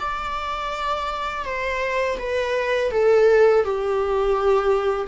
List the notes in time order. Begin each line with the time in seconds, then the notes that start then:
0.00 D5
1.45 C5
2.19 B4
2.92 A4
3.65 G4